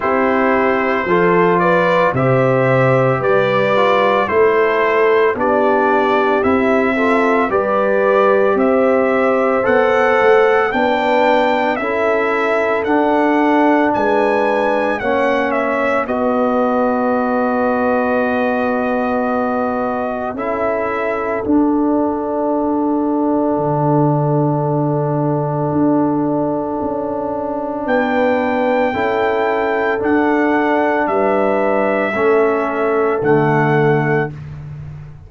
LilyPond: <<
  \new Staff \with { instrumentName = "trumpet" } { \time 4/4 \tempo 4 = 56 c''4. d''8 e''4 d''4 | c''4 d''4 e''4 d''4 | e''4 fis''4 g''4 e''4 | fis''4 gis''4 fis''8 e''8 dis''4~ |
dis''2. e''4 | fis''1~ | fis''2 g''2 | fis''4 e''2 fis''4 | }
  \new Staff \with { instrumentName = "horn" } { \time 4/4 g'4 a'8 b'8 c''4 b'4 | a'4 g'4. a'8 b'4 | c''2 b'4 a'4~ | a'4 b'4 cis''4 b'4~ |
b'2. a'4~ | a'1~ | a'2 b'4 a'4~ | a'4 b'4 a'2 | }
  \new Staff \with { instrumentName = "trombone" } { \time 4/4 e'4 f'4 g'4. f'8 | e'4 d'4 e'8 f'8 g'4~ | g'4 a'4 d'4 e'4 | d'2 cis'4 fis'4~ |
fis'2. e'4 | d'1~ | d'2. e'4 | d'2 cis'4 a4 | }
  \new Staff \with { instrumentName = "tuba" } { \time 4/4 c'4 f4 c4 g4 | a4 b4 c'4 g4 | c'4 b8 a8 b4 cis'4 | d'4 gis4 ais4 b4~ |
b2. cis'4 | d'2 d2 | d'4 cis'4 b4 cis'4 | d'4 g4 a4 d4 | }
>>